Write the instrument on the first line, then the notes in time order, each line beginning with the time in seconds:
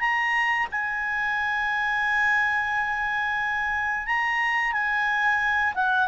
clarinet
0.00 A#5
0.71 G#5
4.06 A#5
4.73 G#5
5.74 F#5